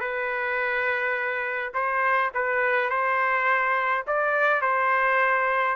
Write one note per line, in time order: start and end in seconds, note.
0.00 1.73 B4
1.74 2.31 C5
2.34 2.90 B4
2.90 4.05 C5
4.07 4.61 D5
4.61 5.76 C5